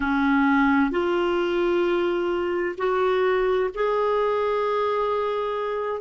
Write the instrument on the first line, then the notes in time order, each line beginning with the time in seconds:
clarinet
0.00 C#4
0.91 F4
2.77 F#4
3.74 G#4